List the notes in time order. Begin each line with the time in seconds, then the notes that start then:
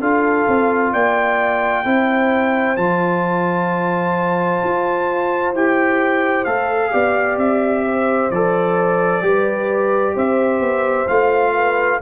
0.00 D4 F4 A4 F5
0.48 C4
0.92 A#3 D5 G5
1.84 C4 E4 C5
2.77 F3 F4 A5
4.63 F4
5.53 E4 G4 G5
6.44 A3 A4 F5
6.91 B3 G4 D5
7.37 C4 E5
7.85 C5
8.31 F3 A4 D5
9.22 G3 G4 B4
10.14 C4 C5 E5
10.60 B3
11.08 A3 F4 F5
11.53 B4